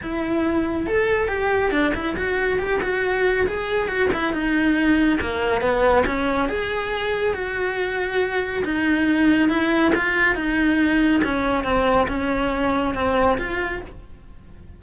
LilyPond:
\new Staff \with { instrumentName = "cello" } { \time 4/4 \tempo 4 = 139 e'2 a'4 g'4 | d'8 e'8 fis'4 g'8 fis'4. | gis'4 fis'8 e'8 dis'2 | ais4 b4 cis'4 gis'4~ |
gis'4 fis'2. | dis'2 e'4 f'4 | dis'2 cis'4 c'4 | cis'2 c'4 f'4 | }